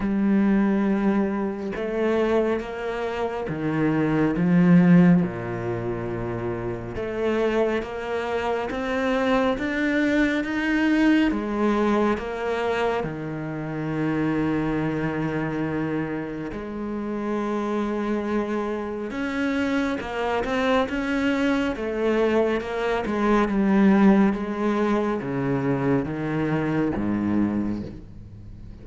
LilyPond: \new Staff \with { instrumentName = "cello" } { \time 4/4 \tempo 4 = 69 g2 a4 ais4 | dis4 f4 ais,2 | a4 ais4 c'4 d'4 | dis'4 gis4 ais4 dis4~ |
dis2. gis4~ | gis2 cis'4 ais8 c'8 | cis'4 a4 ais8 gis8 g4 | gis4 cis4 dis4 gis,4 | }